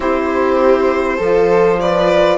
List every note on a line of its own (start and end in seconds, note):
0.00 1.18 C4
0.00 1.19 E4
0.00 1.17 G4
0.00 1.79 C5
1.17 2.37 F3
1.17 2.37 F4
1.17 1.77 A4
1.79 2.37 B4
1.79 2.37 D5